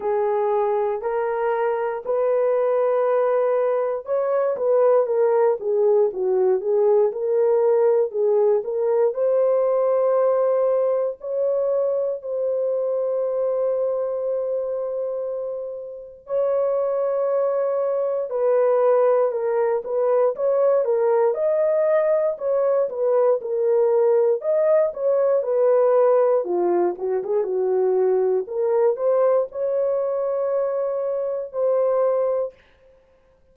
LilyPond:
\new Staff \with { instrumentName = "horn" } { \time 4/4 \tempo 4 = 59 gis'4 ais'4 b'2 | cis''8 b'8 ais'8 gis'8 fis'8 gis'8 ais'4 | gis'8 ais'8 c''2 cis''4 | c''1 |
cis''2 b'4 ais'8 b'8 | cis''8 ais'8 dis''4 cis''8 b'8 ais'4 | dis''8 cis''8 b'4 f'8 fis'16 gis'16 fis'4 | ais'8 c''8 cis''2 c''4 | }